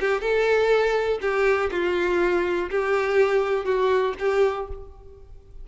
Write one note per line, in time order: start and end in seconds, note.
0.00 0.21 G4
0.21 1.19 A4
1.21 1.70 G4
1.71 2.70 F4
2.70 3.65 G4
3.65 4.14 F#4
4.19 4.68 G4